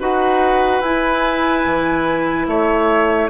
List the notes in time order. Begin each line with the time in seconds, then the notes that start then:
0.00 D#4 F#4 B4 F#5
0.81 E4 G#5
1.66 E3
2.47 A3 C#5 E5